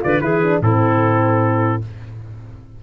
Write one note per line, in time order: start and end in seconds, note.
0.00 0.20 D3
0.00 0.20 F4
0.00 0.23 B4
0.00 0.21 D5
0.20 0.60 E3
0.20 0.42 E4
0.20 0.62 G#4
0.20 0.61 B4
0.43 0.63 D4
0.61 1.81 A2
0.61 1.83 C4
0.61 1.82 E4
0.61 1.83 A4